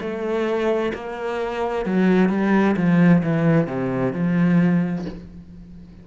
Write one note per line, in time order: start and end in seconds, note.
0.00 0.92 A3
0.94 1.85 A#3
1.85 2.29 F#3
2.29 2.75 G3
2.76 3.22 F3
3.23 3.67 E3
3.67 4.13 C3
4.13 5.05 F3